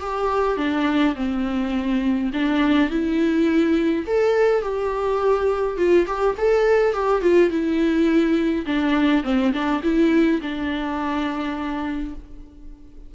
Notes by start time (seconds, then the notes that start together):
0.00 G4
0.57 D4
1.15 C4
2.33 D4
2.90 E4
4.06 A4
4.62 G4
5.77 F4
6.07 G4
6.37 A4
6.93 G4
7.21 F4
7.50 E4
8.66 D4
9.23 C4
9.53 D4
9.83 E4
10.41 D4